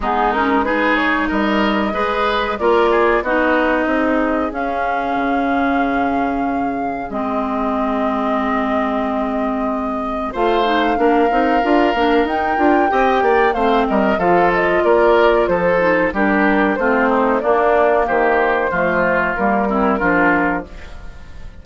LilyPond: <<
  \new Staff \with { instrumentName = "flute" } { \time 4/4 \tempo 4 = 93 gis'8 ais'8 b'8 cis''8 dis''2 | d''4 dis''2 f''4~ | f''2. dis''4~ | dis''1 |
f''2. g''4~ | g''4 f''8 dis''8 f''8 dis''8 d''4 | c''4 ais'4 c''4 d''4 | c''2 ais'2 | }
  \new Staff \with { instrumentName = "oboe" } { \time 4/4 dis'4 gis'4 ais'4 b'4 | ais'8 gis'8 fis'4 gis'2~ | gis'1~ | gis'1 |
c''4 ais'2. | dis''8 d''8 c''8 ais'8 a'4 ais'4 | a'4 g'4 f'8 dis'8 d'4 | g'4 f'4. e'8 f'4 | }
  \new Staff \with { instrumentName = "clarinet" } { \time 4/4 b8 cis'8 dis'2 gis'4 | f'4 dis'2 cis'4~ | cis'2. c'4~ | c'1 |
f'8 dis'8 d'8 dis'8 f'8 d'8 dis'8 f'8 | g'4 c'4 f'2~ | f'8 dis'8 d'4 c'4 ais4~ | ais4 a4 ais8 c'8 d'4 | }
  \new Staff \with { instrumentName = "bassoon" } { \time 4/4 gis2 g4 gis4 | ais4 b4 c'4 cis'4 | cis2. gis4~ | gis1 |
a4 ais8 c'8 d'8 ais8 dis'8 d'8 | c'8 ais8 a8 g8 f4 ais4 | f4 g4 a4 ais4 | dis4 f4 g4 f4 | }
>>